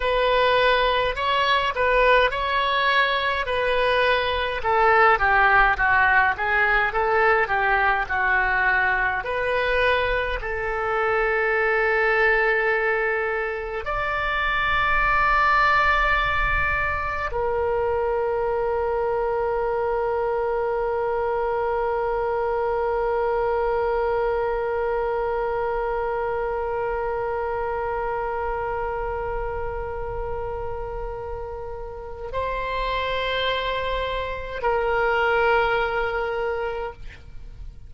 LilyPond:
\new Staff \with { instrumentName = "oboe" } { \time 4/4 \tempo 4 = 52 b'4 cis''8 b'8 cis''4 b'4 | a'8 g'8 fis'8 gis'8 a'8 g'8 fis'4 | b'4 a'2. | d''2. ais'4~ |
ais'1~ | ais'1~ | ais'1 | c''2 ais'2 | }